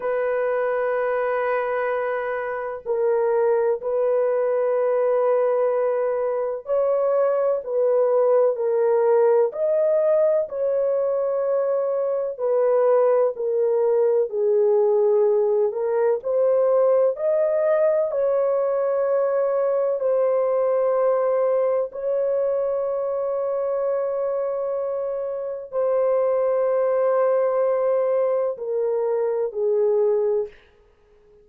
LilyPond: \new Staff \with { instrumentName = "horn" } { \time 4/4 \tempo 4 = 63 b'2. ais'4 | b'2. cis''4 | b'4 ais'4 dis''4 cis''4~ | cis''4 b'4 ais'4 gis'4~ |
gis'8 ais'8 c''4 dis''4 cis''4~ | cis''4 c''2 cis''4~ | cis''2. c''4~ | c''2 ais'4 gis'4 | }